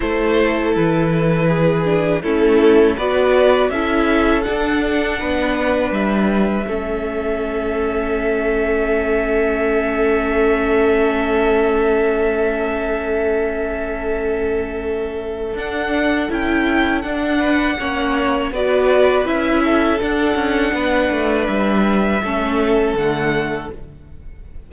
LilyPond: <<
  \new Staff \with { instrumentName = "violin" } { \time 4/4 \tempo 4 = 81 c''4 b'2 a'4 | d''4 e''4 fis''2 | e''1~ | e''1~ |
e''1~ | e''4 fis''4 g''4 fis''4~ | fis''4 d''4 e''4 fis''4~ | fis''4 e''2 fis''4 | }
  \new Staff \with { instrumentName = "violin" } { \time 4/4 a'2 gis'4 e'4 | b'4 a'2 b'4~ | b'4 a'2.~ | a'1~ |
a'1~ | a'2.~ a'8 b'8 | cis''4 b'4. a'4. | b'2 a'2 | }
  \new Staff \with { instrumentName = "viola" } { \time 4/4 e'2~ e'8 d'8 cis'4 | fis'4 e'4 d'2~ | d'4 cis'2.~ | cis'1~ |
cis'1~ | cis'4 d'4 e'4 d'4 | cis'4 fis'4 e'4 d'4~ | d'2 cis'4 a4 | }
  \new Staff \with { instrumentName = "cello" } { \time 4/4 a4 e2 a4 | b4 cis'4 d'4 b4 | g4 a2.~ | a1~ |
a1~ | a4 d'4 cis'4 d'4 | ais4 b4 cis'4 d'8 cis'8 | b8 a8 g4 a4 d4 | }
>>